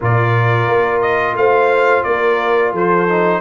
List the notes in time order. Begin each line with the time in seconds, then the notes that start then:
0.00 A#2 F4 A#4 D5
0.67 A#3
1.01 D#5
1.34 A3 C5 F5
2.03 A#3 A#4 D5
2.72 F3 A4 C5
3.08 D#4